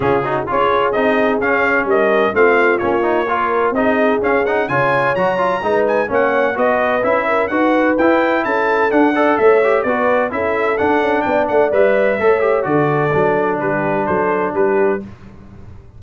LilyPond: <<
  \new Staff \with { instrumentName = "trumpet" } { \time 4/4 \tempo 4 = 128 gis'4 cis''4 dis''4 f''4 | dis''4 f''4 cis''2 | dis''4 f''8 fis''8 gis''4 ais''4~ | ais''8 gis''8 fis''4 dis''4 e''4 |
fis''4 g''4 a''4 fis''4 | e''4 d''4 e''4 fis''4 | g''8 fis''8 e''2 d''4~ | d''4 b'4 c''4 b'4 | }
  \new Staff \with { instrumentName = "horn" } { \time 4/4 f'8 fis'8 gis'2. | ais'4 f'2 ais'4 | gis'2 cis''2 | b'4 cis''4 b'4. ais'8 |
b'2 a'4. d''8 | cis''4 b'4 a'2 | d''2 cis''4 a'4~ | a'4 g'4 a'4 g'4 | }
  \new Staff \with { instrumentName = "trombone" } { \time 4/4 cis'8 dis'8 f'4 dis'4 cis'4~ | cis'4 c'4 cis'8 dis'8 f'4 | dis'4 cis'8 dis'8 f'4 fis'8 f'8 | dis'4 cis'4 fis'4 e'4 |
fis'4 e'2 d'8 a'8~ | a'8 g'8 fis'4 e'4 d'4~ | d'4 b'4 a'8 g'8 fis'4 | d'1 | }
  \new Staff \with { instrumentName = "tuba" } { \time 4/4 cis4 cis'4 c'4 cis'4 | g4 a4 ais2 | c'4 cis'4 cis4 fis4 | gis4 ais4 b4 cis'4 |
dis'4 e'4 cis'4 d'4 | a4 b4 cis'4 d'8 cis'8 | b8 a8 g4 a4 d4 | fis4 g4 fis4 g4 | }
>>